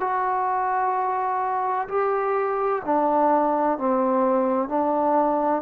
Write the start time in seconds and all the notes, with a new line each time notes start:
0.00 F#4
1.88 G4
2.85 D4
3.78 C4
4.68 D4